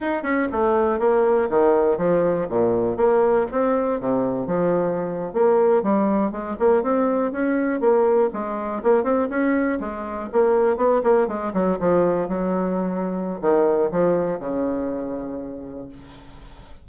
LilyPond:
\new Staff \with { instrumentName = "bassoon" } { \time 4/4 \tempo 4 = 121 dis'8 cis'8 a4 ais4 dis4 | f4 ais,4 ais4 c'4 | c4 f4.~ f16 ais4 g16~ | g8. gis8 ais8 c'4 cis'4 ais16~ |
ais8. gis4 ais8 c'8 cis'4 gis16~ | gis8. ais4 b8 ais8 gis8 fis8 f16~ | f8. fis2~ fis16 dis4 | f4 cis2. | }